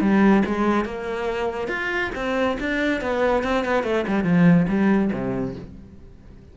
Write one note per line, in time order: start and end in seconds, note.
0.00 0.43 G3
0.45 0.85 G#3
0.85 1.68 A#3
1.68 2.10 F4
2.15 2.57 C4
2.59 3.01 D4
3.01 3.43 B3
3.43 3.64 C4
3.64 3.83 B3
3.83 4.04 A3
4.07 4.23 G3
4.23 4.66 F3
4.68 5.11 G3
5.12 5.55 C3